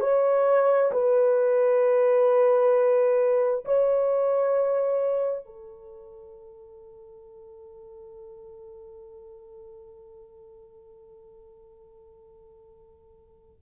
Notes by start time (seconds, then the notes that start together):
0.00 C#5
0.92 B4
3.65 C#5
5.45 A4